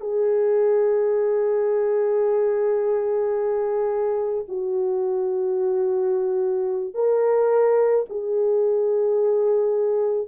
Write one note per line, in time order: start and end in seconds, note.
0.00 4.44 G#4
4.48 6.94 F#4
6.94 8.05 A#4
8.09 10.28 G#4